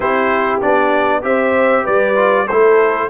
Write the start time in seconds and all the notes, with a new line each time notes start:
0.00 C4 E4 G4 C5
0.61 B3 D4 D5
1.22 C4 G4 C5 E5
1.83 G3 B4 D5
2.15 F4
2.46 A3 E4 A4 C5